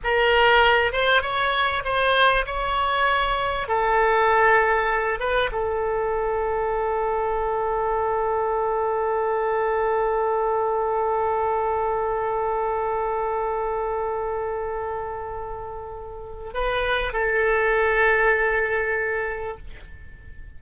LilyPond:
\new Staff \with { instrumentName = "oboe" } { \time 4/4 \tempo 4 = 98 ais'4. c''8 cis''4 c''4 | cis''2 a'2~ | a'8 b'8 a'2.~ | a'1~ |
a'1~ | a'1~ | a'2. b'4 | a'1 | }